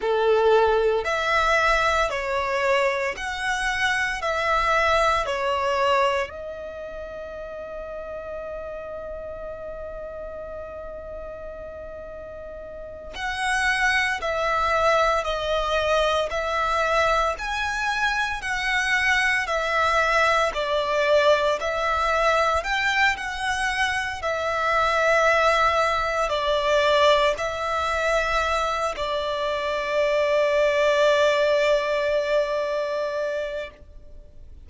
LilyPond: \new Staff \with { instrumentName = "violin" } { \time 4/4 \tempo 4 = 57 a'4 e''4 cis''4 fis''4 | e''4 cis''4 dis''2~ | dis''1~ | dis''8 fis''4 e''4 dis''4 e''8~ |
e''8 gis''4 fis''4 e''4 d''8~ | d''8 e''4 g''8 fis''4 e''4~ | e''4 d''4 e''4. d''8~ | d''1 | }